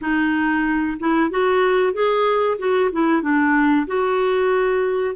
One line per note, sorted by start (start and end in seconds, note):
0.01 0.98 D#4
0.99 1.30 E4
1.30 1.93 F#4
1.93 2.57 G#4
2.58 2.90 F#4
2.91 3.22 E4
3.22 3.86 D4
3.86 5.15 F#4